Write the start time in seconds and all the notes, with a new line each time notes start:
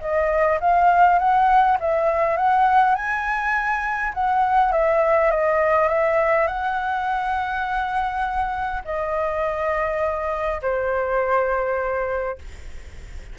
0.00 D#5
0.60 F5
1.18 F#5
1.80 E5
2.36 F#5
2.95 G#5
4.13 F#5
4.71 E5
5.30 D#5
5.88 E5
6.47 F#5
8.84 D#5
10.61 C5